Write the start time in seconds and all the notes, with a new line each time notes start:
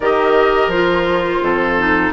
0.00 D#3 G4 A#4 D#5
0.67 F3 F4 C5
1.41 F2 A4
1.78 D#4